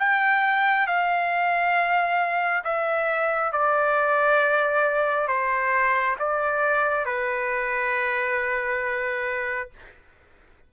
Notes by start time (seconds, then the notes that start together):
0.00 G5
0.87 F5
2.65 E5
3.53 D5
5.28 C5
6.20 D5
7.06 B4